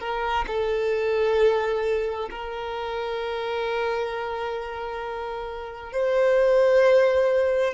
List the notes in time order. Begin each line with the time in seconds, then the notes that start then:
0.00 A#4
0.48 A4
2.31 A#4
5.93 C5